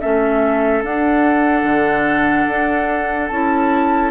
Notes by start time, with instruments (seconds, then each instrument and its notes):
0.00 bassoon A3, clarinet C#4, oboe A4, flute E5
0.83 bassoon D4, clarinet D4, flute F#5
1.62 bassoon D3
2.47 bassoon D4
3.28 bassoon C#4, clarinet E4, flute A5